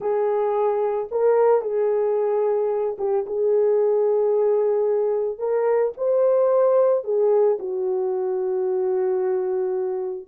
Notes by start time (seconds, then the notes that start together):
0.00 G#4
1.11 A#4
1.61 G#4
2.98 G4
3.26 G#4
5.38 A#4
5.97 C5
7.03 G#4
7.59 F#4